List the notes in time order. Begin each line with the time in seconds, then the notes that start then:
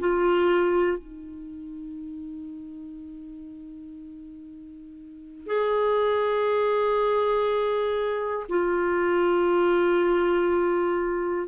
0.00 F4
0.98 D#4
5.47 G#4
8.49 F4